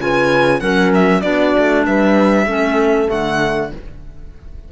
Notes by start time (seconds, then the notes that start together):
0.00 C#3 F4 B4 G#5
0.60 F#3 C#4 A#4 F#5
0.94 E5
1.21 B3 D4 F#4 D5
1.58 A3
1.86 G3 B4 E5
2.45 A3 C#4 A4
3.07 D3 A3 F#5